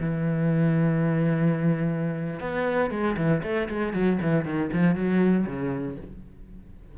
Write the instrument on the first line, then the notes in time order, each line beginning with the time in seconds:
cello
0.00 E3
2.40 B3
2.90 G#3
3.17 E3
3.43 A3
3.69 G#3
3.93 F#3
4.22 E3
4.45 D#3
4.73 F3
4.95 F#3
5.46 C#3